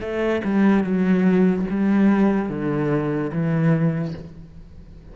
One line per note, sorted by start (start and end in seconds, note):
0.00 0.41 A3
0.44 0.83 G3
0.83 1.66 F#3
1.70 2.49 G3
2.49 3.31 D3
3.32 4.14 E3